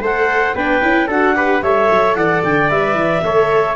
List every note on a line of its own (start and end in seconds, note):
0.00 0.54 A3
0.00 0.56 A4
0.00 0.55 C5
0.00 0.56 F#5
0.55 0.82 B3
0.55 0.82 D4
0.55 1.08 B4
0.55 1.09 G5
0.82 1.08 C#4
0.82 1.09 E4
1.08 1.62 D4
1.08 1.36 F#4
1.08 1.35 A4
1.08 1.63 F#5
1.36 1.63 G4
1.36 1.63 B4
1.62 1.89 G3
1.62 2.70 A4
1.62 2.17 C#5
1.62 2.15 E5
1.91 2.16 F#3
2.15 2.42 E3
2.15 3.25 D5
2.15 2.42 F#5
2.44 2.71 D3
2.44 2.70 G5
2.70 2.95 G3
2.70 3.23 B4
2.70 3.76 E5
2.95 3.21 E3
3.24 3.76 A3
3.24 3.76 A4
3.24 3.76 C#5